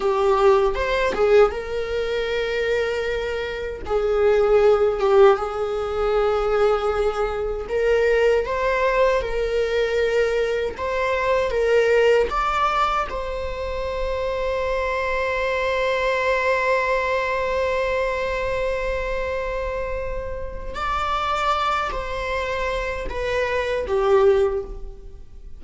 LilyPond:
\new Staff \with { instrumentName = "viola" } { \time 4/4 \tempo 4 = 78 g'4 c''8 gis'8 ais'2~ | ais'4 gis'4. g'8 gis'4~ | gis'2 ais'4 c''4 | ais'2 c''4 ais'4 |
d''4 c''2.~ | c''1~ | c''2. d''4~ | d''8 c''4. b'4 g'4 | }